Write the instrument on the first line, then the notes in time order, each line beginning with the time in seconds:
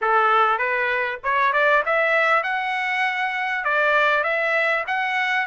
trumpet
0.01 A4
0.58 B4
1.23 C#5
1.52 D5
1.85 E5
2.43 F#5
3.64 D5
4.23 E5
4.87 F#5